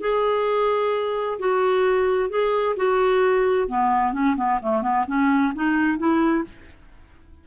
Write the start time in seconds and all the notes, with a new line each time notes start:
0.00 G#4
1.39 F#4
2.29 G#4
2.76 F#4
3.68 B3
4.12 C#4
4.36 B3
4.62 A3
4.82 B3
5.07 C#4
5.54 D#4
5.97 E4